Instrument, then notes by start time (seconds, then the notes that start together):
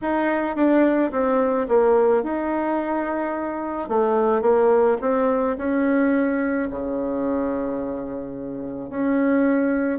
bassoon
0.01 D#4
0.56 D4
1.11 C4
1.68 A#3
2.23 D#4
3.88 A3
4.41 A#3
5.01 C4
5.57 C#4
6.70 C#3
8.89 C#4